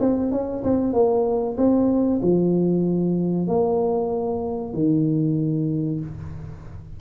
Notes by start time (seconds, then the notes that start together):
0.00 C4
0.32 C#4
0.64 C4
0.94 A#3
1.58 C4
2.22 F3
3.48 A#3
4.74 D#3